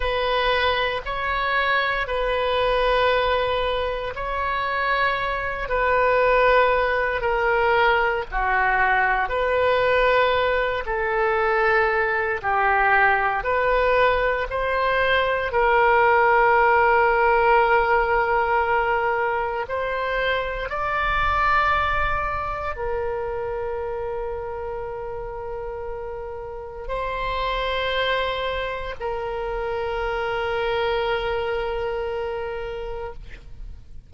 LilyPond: \new Staff \with { instrumentName = "oboe" } { \time 4/4 \tempo 4 = 58 b'4 cis''4 b'2 | cis''4. b'4. ais'4 | fis'4 b'4. a'4. | g'4 b'4 c''4 ais'4~ |
ais'2. c''4 | d''2 ais'2~ | ais'2 c''2 | ais'1 | }